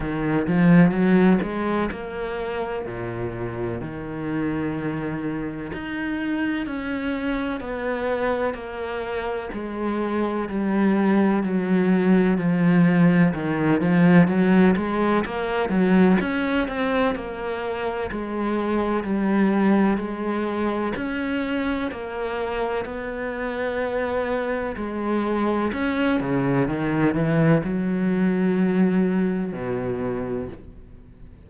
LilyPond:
\new Staff \with { instrumentName = "cello" } { \time 4/4 \tempo 4 = 63 dis8 f8 fis8 gis8 ais4 ais,4 | dis2 dis'4 cis'4 | b4 ais4 gis4 g4 | fis4 f4 dis8 f8 fis8 gis8 |
ais8 fis8 cis'8 c'8 ais4 gis4 | g4 gis4 cis'4 ais4 | b2 gis4 cis'8 cis8 | dis8 e8 fis2 b,4 | }